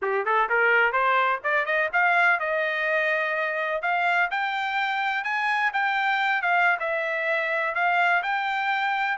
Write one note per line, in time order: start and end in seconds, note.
0.02 0.25 G4
0.25 0.48 A4
0.49 0.92 A#4
0.92 1.40 C5
1.43 1.65 D5
1.65 1.89 D#5
1.92 2.39 F5
2.39 3.82 D#5
3.82 4.29 F5
4.31 5.23 G5
5.23 5.71 G#5
5.73 6.42 G5
6.42 6.77 F5
6.79 7.74 E5
7.74 8.22 F5
8.23 9.17 G5